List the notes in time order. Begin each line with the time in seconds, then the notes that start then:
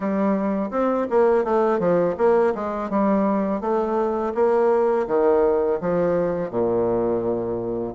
0.00 G3
0.70 C4
1.10 A#3
1.44 A3
1.79 F3
2.17 A#3
2.54 G#3
2.89 G3
3.60 A3
4.34 A#3
5.07 D#3
5.80 F3
6.50 A#2